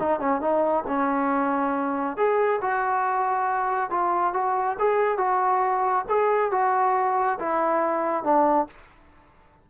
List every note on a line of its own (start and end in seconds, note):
0.00 0.20 D#4
0.20 0.41 C#4
0.41 0.85 D#4
0.88 2.17 C#4
2.17 2.61 G#4
2.62 3.91 F#4
3.91 4.34 F4
4.34 4.77 F#4
4.79 5.18 G#4
5.18 6.05 F#4
6.09 6.52 G#4
6.52 7.39 F#4
7.40 8.24 E4
8.24 8.67 D4